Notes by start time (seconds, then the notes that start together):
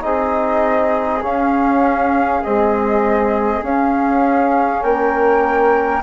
0.00 C4 D#4 G#4 D#5
1.22 C#4 F5
2.43 G#3 C4 D#5
3.62 C#4 F5
4.82 A#3 A#4 G5